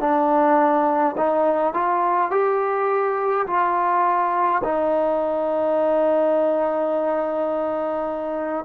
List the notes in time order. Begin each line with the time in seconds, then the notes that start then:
0.00 D4
1.17 D#4
1.73 F4
2.31 G4
3.47 F4
4.63 D#4